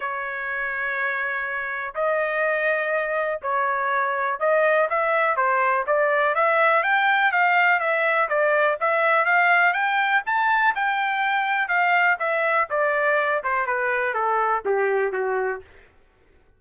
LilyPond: \new Staff \with { instrumentName = "trumpet" } { \time 4/4 \tempo 4 = 123 cis''1 | dis''2. cis''4~ | cis''4 dis''4 e''4 c''4 | d''4 e''4 g''4 f''4 |
e''4 d''4 e''4 f''4 | g''4 a''4 g''2 | f''4 e''4 d''4. c''8 | b'4 a'4 g'4 fis'4 | }